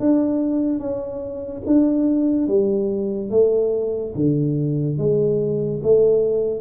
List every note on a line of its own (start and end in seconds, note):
0.00 0.80 D4
0.80 1.63 C#4
1.67 2.48 D4
2.48 3.31 G3
3.31 4.14 A3
4.16 4.98 D3
4.98 5.82 G#3
5.84 6.61 A3